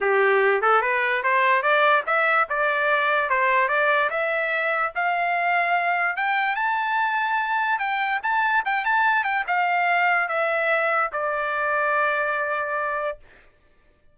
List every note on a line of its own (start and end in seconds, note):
0.01 0.61 G4
0.61 0.81 A4
0.81 1.22 B4
1.23 1.62 C5
1.62 2.03 D5
2.06 2.47 E5
2.49 3.29 D5
3.29 3.68 C5
3.68 4.09 D5
4.10 4.92 E5
4.95 6.16 F5
6.16 6.55 G5
6.55 7.79 A5
7.79 8.20 G5
8.22 8.63 A5
8.65 8.84 G5
8.84 9.24 A5
9.24 9.44 G5
9.47 10.28 F5
10.28 11.10 E5
11.12 13.18 D5